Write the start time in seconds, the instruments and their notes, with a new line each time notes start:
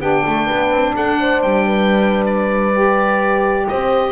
0.00 double bass B3, saxophone D4, horn G4, oboe G5
0.27 double bass A3, horn A4
0.46 double bass B3, horn B4
0.71 double bass C4
0.95 double bass D4, horn A4, oboe F#5
1.20 horn C5
1.42 double bass G3, oboe G5
1.66 horn B4
2.26 oboe D5
2.75 saxophone G4
3.68 double bass C4, horn C5, oboe D#5